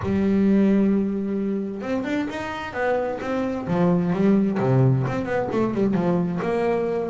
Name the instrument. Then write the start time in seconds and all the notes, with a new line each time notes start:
double bass
0.02 G3
1.81 C4
2.04 D4
2.29 D#4
2.73 B3
3.21 C4
3.67 F3
4.12 G3
4.59 C3
5.07 C4
5.25 B3
5.51 A3
5.74 G3
5.93 F3
6.42 A#3